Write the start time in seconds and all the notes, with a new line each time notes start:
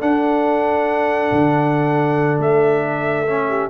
0.00 D4 A4 F#5
1.32 D3
2.38 A3 E5
3.27 C#4
3.48 G4